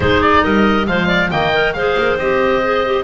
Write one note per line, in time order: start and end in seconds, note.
0.00 0.43 G#3
0.00 0.85 D#4
0.00 0.43 G#4
0.00 0.21 C5
0.21 0.43 D5
0.43 0.87 G3
0.43 0.87 A#4
0.43 0.87 D#5
0.85 1.31 F3
0.85 1.29 G#3
0.85 1.07 C5
0.85 1.30 F5
1.07 1.29 D5
1.30 1.74 D#3
1.30 1.52 A#3
1.30 1.74 D#5
1.30 1.73 G5
1.53 1.75 A#4
1.73 1.96 G#3
1.73 2.19 G#4
1.73 3.03 C5
1.73 2.17 F5
1.97 2.16 A#3
2.16 3.03 C4
2.16 2.63 G4
2.16 3.03 D#5
2.63 2.84 G#4
2.85 3.03 G4